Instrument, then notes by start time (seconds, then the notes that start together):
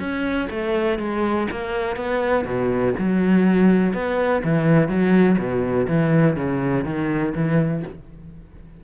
cello
0.00 C#4
0.51 A3
0.99 G#3
1.51 A#3
1.97 B3
2.45 B2
2.98 F#3
3.94 B3
4.44 E3
4.89 F#3
5.38 B2
5.88 E3
6.37 C#3
6.85 D#3
7.35 E3